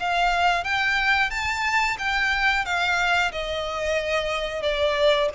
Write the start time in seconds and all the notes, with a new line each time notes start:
0.00 F5
0.65 G5
1.31 A5
1.99 G5
2.65 F5
3.32 D#5
4.63 D5